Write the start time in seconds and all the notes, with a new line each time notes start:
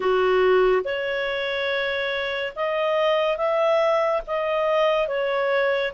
0.00 F#4
0.84 C#5
2.55 D#5
3.37 E5
4.26 D#5
5.07 C#5